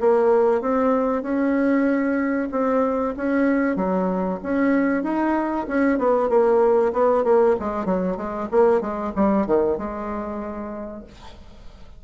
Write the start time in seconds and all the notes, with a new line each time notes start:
0.00 A#3
0.61 C4
1.23 C#4
2.51 C4
3.17 C#4
3.76 F#3
4.43 C#4
5.04 D#4
5.68 C#4
5.99 B3
6.29 A#3
6.93 B3
7.24 A#3
7.60 G#3
7.85 F#3
8.17 G#3
8.51 A#3
8.81 G#3
9.16 G3
9.46 D#3
9.78 G#3